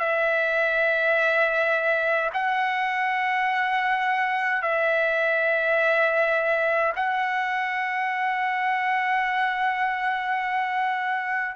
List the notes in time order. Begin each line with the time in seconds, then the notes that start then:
0.00 E5
2.34 F#5
4.63 E5
6.96 F#5